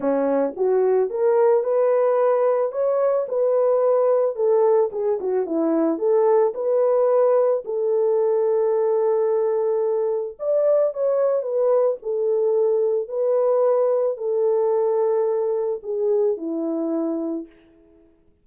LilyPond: \new Staff \with { instrumentName = "horn" } { \time 4/4 \tempo 4 = 110 cis'4 fis'4 ais'4 b'4~ | b'4 cis''4 b'2 | a'4 gis'8 fis'8 e'4 a'4 | b'2 a'2~ |
a'2. d''4 | cis''4 b'4 a'2 | b'2 a'2~ | a'4 gis'4 e'2 | }